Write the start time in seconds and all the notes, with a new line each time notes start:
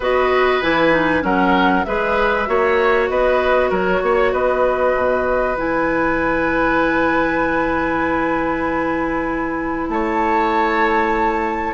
0.00 B3 F#4 B4 D#5
0.61 E3 E4 G#5
0.92 D#4
1.21 F#3 C#4 A#4 F#5
1.84 G#3 G#4 B4 E5
2.46 A#3 F#4 C#5
3.09 B3 B4 D#5
3.69 F#3 A#4 C#5
4.02 A#3 C#5
4.32 B3 B4 D#5
4.96 B2
5.55 E3 E4 G#5
9.88 A3 C#5 A5